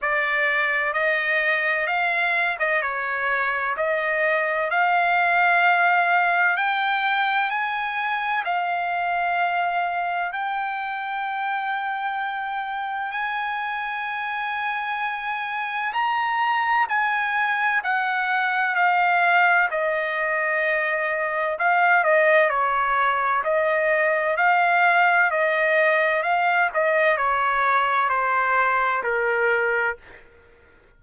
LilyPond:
\new Staff \with { instrumentName = "trumpet" } { \time 4/4 \tempo 4 = 64 d''4 dis''4 f''8. dis''16 cis''4 | dis''4 f''2 g''4 | gis''4 f''2 g''4~ | g''2 gis''2~ |
gis''4 ais''4 gis''4 fis''4 | f''4 dis''2 f''8 dis''8 | cis''4 dis''4 f''4 dis''4 | f''8 dis''8 cis''4 c''4 ais'4 | }